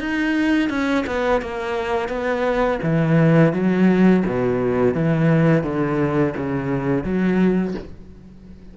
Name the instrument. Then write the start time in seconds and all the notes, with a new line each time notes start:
cello
0.00 D#4
0.70 C#4
1.07 B3
1.42 A#3
2.09 B3
2.83 E3
3.53 F#3
4.26 B2
4.94 E3
5.63 D3
6.37 C#3
7.04 F#3